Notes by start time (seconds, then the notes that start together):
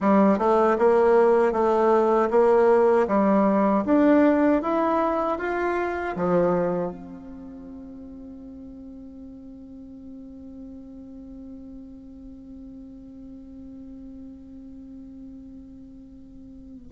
0.00 G3
0.38 A3
0.78 A#3
1.52 A3
2.30 A#3
3.07 G3
3.85 D4
4.62 E4
5.38 F4
6.16 F3
6.91 C4